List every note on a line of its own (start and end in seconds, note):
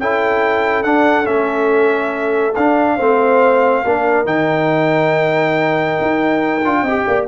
0.00 0.84 C#4
0.00 0.85 E4
0.00 2.96 A4
0.00 0.83 G5
0.83 1.27 D4
0.83 1.25 D4
0.83 1.26 F#5
1.25 2.56 A3
1.25 2.53 C#4
1.25 2.55 E5
2.55 2.99 D4
2.55 3.00 D4
2.55 4.27 F5
2.96 3.84 A3
2.96 3.85 C4
2.96 3.82 C5
3.85 4.26 A#3
3.85 4.26 D4
3.85 6.82 A#4
4.26 5.97 D#3
4.26 6.62 D#4
4.26 7.27 G5
6.02 6.66 D#4
6.65 6.82 D4
6.65 6.87 F4
6.82 7.04 C4
6.82 7.03 D#5
6.89 7.28 G4
7.07 7.28 A#3
7.07 7.28 D5